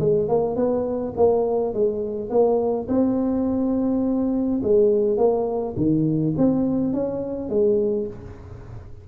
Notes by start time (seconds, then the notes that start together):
0.00 G#3
0.29 A#3
0.56 B3
1.17 A#3
1.74 G#3
2.30 A#3
2.88 C4
4.63 G#3
5.17 A#3
5.77 D#3
6.37 C4
6.93 C#4
7.49 G#3